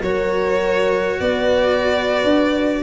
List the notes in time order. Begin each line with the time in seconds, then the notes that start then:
0.00 F#3 F#4 A#4 C#5
1.20 B3 B4 D5
2.24 D4